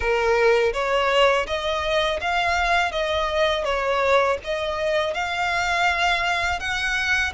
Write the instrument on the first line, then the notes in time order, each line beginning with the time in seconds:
violin
0.00 A#4
0.73 C#5
1.46 D#5
2.20 F5
2.91 D#5
3.64 C#5
4.43 D#5
5.14 F5
6.59 F#5